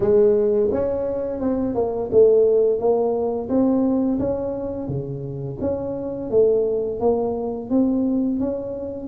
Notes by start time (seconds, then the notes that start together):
0.00 G#3
0.71 C#4
1.40 C4
1.74 A#3
2.11 A3
2.79 A#3
3.49 C4
4.19 C#4
4.88 C#3
5.60 C#4
6.30 A3
7.00 A#3
7.70 C4
8.39 C#4